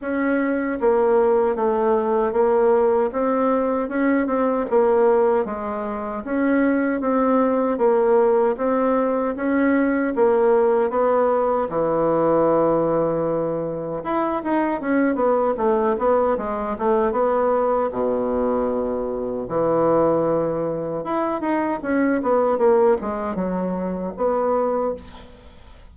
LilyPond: \new Staff \with { instrumentName = "bassoon" } { \time 4/4 \tempo 4 = 77 cis'4 ais4 a4 ais4 | c'4 cis'8 c'8 ais4 gis4 | cis'4 c'4 ais4 c'4 | cis'4 ais4 b4 e4~ |
e2 e'8 dis'8 cis'8 b8 | a8 b8 gis8 a8 b4 b,4~ | b,4 e2 e'8 dis'8 | cis'8 b8 ais8 gis8 fis4 b4 | }